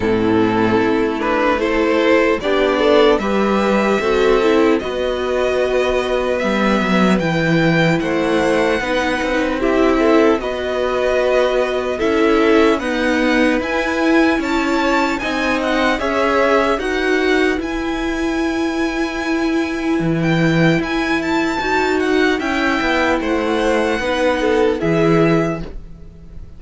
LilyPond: <<
  \new Staff \with { instrumentName = "violin" } { \time 4/4 \tempo 4 = 75 a'4. b'8 c''4 d''4 | e''2 dis''2 | e''4 g''4 fis''2 | e''4 dis''2 e''4 |
fis''4 gis''4 a''4 gis''8 fis''8 | e''4 fis''4 gis''2~ | gis''4~ gis''16 g''8. gis''8 a''4 fis''8 | g''4 fis''2 e''4 | }
  \new Staff \with { instrumentName = "violin" } { \time 4/4 e'2 a'4 g'8 a'8 | b'4 a'4 b'2~ | b'2 c''4 b'4 | g'8 a'8 b'2 a'4 |
b'2 cis''4 dis''4 | cis''4 b'2.~ | b'1 | e''4 c''4 b'8 a'8 gis'4 | }
  \new Staff \with { instrumentName = "viola" } { \time 4/4 c'4. d'8 e'4 d'4 | g'4 fis'8 e'8 fis'2 | b4 e'2 dis'4 | e'4 fis'2 e'4 |
b4 e'2 dis'4 | gis'4 fis'4 e'2~ | e'2. fis'4 | e'2 dis'4 e'4 | }
  \new Staff \with { instrumentName = "cello" } { \time 4/4 a,4 a2 b4 | g4 c'4 b2 | g8 fis8 e4 a4 b8 c'8~ | c'4 b2 cis'4 |
dis'4 e'4 cis'4 c'4 | cis'4 dis'4 e'2~ | e'4 e4 e'4 dis'4 | cis'8 b8 a4 b4 e4 | }
>>